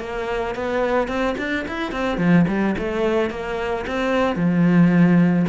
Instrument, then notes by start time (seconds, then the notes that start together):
cello
0.00 A#3
0.55 B3
1.08 C4
1.38 D4
1.68 E4
1.92 C4
2.18 F3
2.48 G3
2.78 A3
3.30 A#3
3.87 C4
4.36 F3